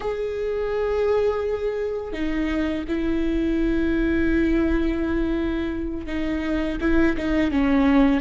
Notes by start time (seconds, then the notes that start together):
0.00 G#4
2.12 D#4
2.87 E4
6.06 D#4
6.80 E4
7.17 D#4
7.51 C#4